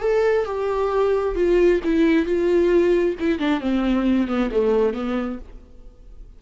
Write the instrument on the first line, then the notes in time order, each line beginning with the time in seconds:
viola
0.00 A4
0.45 G4
1.36 F4
1.84 E4
2.26 F4
3.20 E4
3.39 D4
3.60 C4
4.28 B3
4.51 A3
4.94 B3